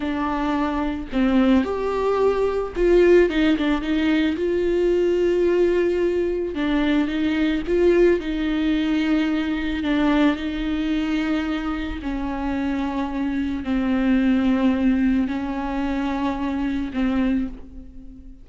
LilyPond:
\new Staff \with { instrumentName = "viola" } { \time 4/4 \tempo 4 = 110 d'2 c'4 g'4~ | g'4 f'4 dis'8 d'8 dis'4 | f'1 | d'4 dis'4 f'4 dis'4~ |
dis'2 d'4 dis'4~ | dis'2 cis'2~ | cis'4 c'2. | cis'2. c'4 | }